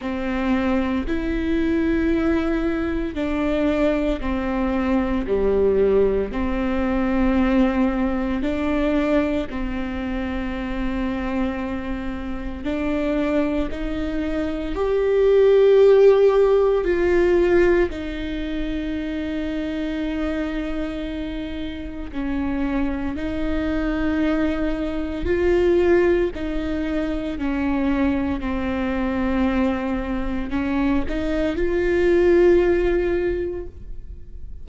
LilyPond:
\new Staff \with { instrumentName = "viola" } { \time 4/4 \tempo 4 = 57 c'4 e'2 d'4 | c'4 g4 c'2 | d'4 c'2. | d'4 dis'4 g'2 |
f'4 dis'2.~ | dis'4 cis'4 dis'2 | f'4 dis'4 cis'4 c'4~ | c'4 cis'8 dis'8 f'2 | }